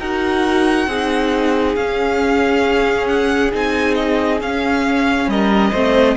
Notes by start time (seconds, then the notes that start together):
0.00 D#4 F#4 A#4 F#5
0.87 C4 D#4 G#4
1.76 C#4 F5
3.07 F#5
3.53 C4 D#4 G#5
3.95 D#5
4.41 C#4 F5
5.28 G3 A#4 D#5
5.71 A3 C4 C5